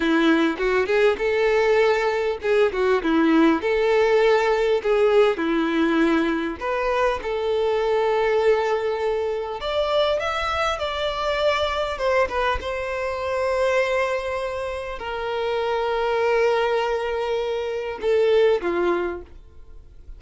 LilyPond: \new Staff \with { instrumentName = "violin" } { \time 4/4 \tempo 4 = 100 e'4 fis'8 gis'8 a'2 | gis'8 fis'8 e'4 a'2 | gis'4 e'2 b'4 | a'1 |
d''4 e''4 d''2 | c''8 b'8 c''2.~ | c''4 ais'2.~ | ais'2 a'4 f'4 | }